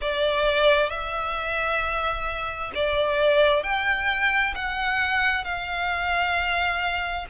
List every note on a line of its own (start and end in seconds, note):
0.01 0.89 D5
0.89 2.71 E5
2.74 3.63 D5
3.63 4.54 G5
4.55 5.44 F#5
5.44 7.26 F5